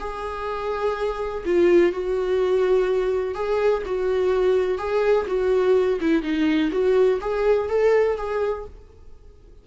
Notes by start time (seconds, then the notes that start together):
0.00 G#4
1.46 F4
1.93 F#4
3.35 G#4
3.86 F#4
4.78 G#4
5.27 F#4
6.01 E4
6.23 D#4
6.72 F#4
7.21 G#4
7.69 A4
8.17 G#4